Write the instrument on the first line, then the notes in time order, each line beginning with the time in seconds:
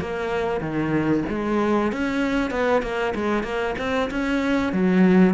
cello
0.00 A#3
0.61 D#3
1.29 G#3
1.92 C#4
2.51 B3
2.82 A#3
3.15 G#3
3.44 A#3
3.78 C4
4.11 C#4
4.73 F#3